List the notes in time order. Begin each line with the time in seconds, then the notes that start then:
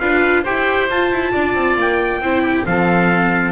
0.00 D4 F4 B4 F5
0.43 E4 G4 C5 G5
0.90 F4 A5
1.11 E4
1.32 D4 D5
1.54 C4
1.76 A#3 G5
2.20 C4 E4 C5
2.42 G4
2.65 F3 C4 A4 F5